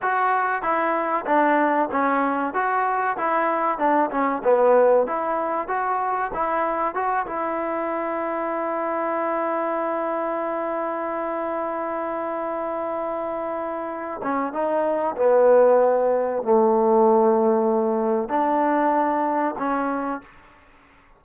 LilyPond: \new Staff \with { instrumentName = "trombone" } { \time 4/4 \tempo 4 = 95 fis'4 e'4 d'4 cis'4 | fis'4 e'4 d'8 cis'8 b4 | e'4 fis'4 e'4 fis'8 e'8~ | e'1~ |
e'1~ | e'2~ e'8 cis'8 dis'4 | b2 a2~ | a4 d'2 cis'4 | }